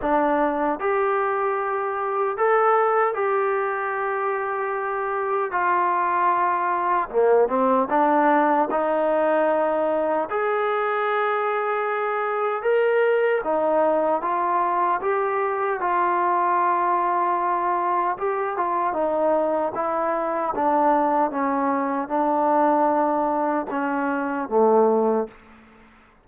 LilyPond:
\new Staff \with { instrumentName = "trombone" } { \time 4/4 \tempo 4 = 76 d'4 g'2 a'4 | g'2. f'4~ | f'4 ais8 c'8 d'4 dis'4~ | dis'4 gis'2. |
ais'4 dis'4 f'4 g'4 | f'2. g'8 f'8 | dis'4 e'4 d'4 cis'4 | d'2 cis'4 a4 | }